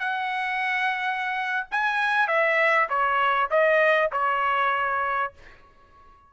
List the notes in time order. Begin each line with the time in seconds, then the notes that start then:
0.00 F#5
1.71 G#5
2.28 E5
2.89 C#5
3.50 D#5
4.12 C#5